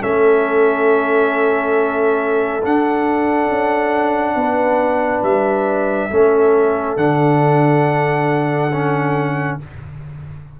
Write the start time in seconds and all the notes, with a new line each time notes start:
0.00 A3 C#4 A4 E5
2.62 D4 F#5
3.48 C#4
4.35 B3 B4
5.22 G3 E5
6.10 A3 C#4 A4
6.97 D3 D4 F#5
8.73 C#4